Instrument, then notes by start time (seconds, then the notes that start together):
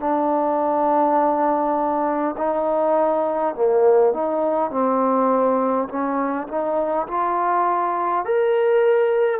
trombone
0.00 D4
2.37 D#4
3.55 A#3
4.13 D#4
4.71 C4
5.88 C#4
6.48 D#4
7.07 F4
8.25 A#4